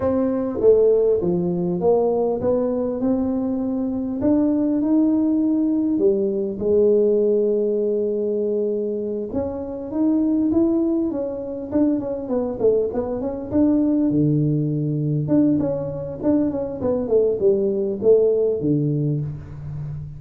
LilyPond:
\new Staff \with { instrumentName = "tuba" } { \time 4/4 \tempo 4 = 100 c'4 a4 f4 ais4 | b4 c'2 d'4 | dis'2 g4 gis4~ | gis2.~ gis8 cis'8~ |
cis'8 dis'4 e'4 cis'4 d'8 | cis'8 b8 a8 b8 cis'8 d'4 d8~ | d4. d'8 cis'4 d'8 cis'8 | b8 a8 g4 a4 d4 | }